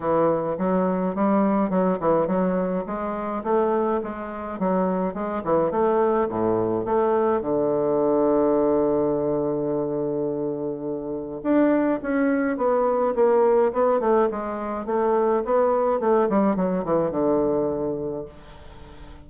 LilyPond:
\new Staff \with { instrumentName = "bassoon" } { \time 4/4 \tempo 4 = 105 e4 fis4 g4 fis8 e8 | fis4 gis4 a4 gis4 | fis4 gis8 e8 a4 a,4 | a4 d2.~ |
d1 | d'4 cis'4 b4 ais4 | b8 a8 gis4 a4 b4 | a8 g8 fis8 e8 d2 | }